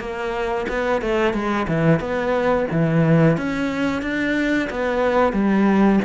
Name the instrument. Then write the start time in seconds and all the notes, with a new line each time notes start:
cello
0.00 A#3
0.69 B3
1.02 A3
1.34 G#3
1.68 E3
2.00 B3
2.71 E3
3.37 C#4
4.02 D4
4.70 B3
5.33 G3